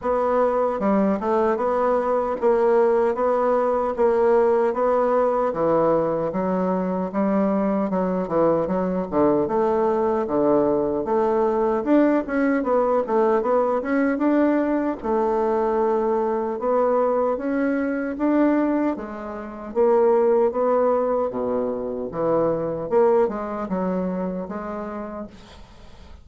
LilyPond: \new Staff \with { instrumentName = "bassoon" } { \time 4/4 \tempo 4 = 76 b4 g8 a8 b4 ais4 | b4 ais4 b4 e4 | fis4 g4 fis8 e8 fis8 d8 | a4 d4 a4 d'8 cis'8 |
b8 a8 b8 cis'8 d'4 a4~ | a4 b4 cis'4 d'4 | gis4 ais4 b4 b,4 | e4 ais8 gis8 fis4 gis4 | }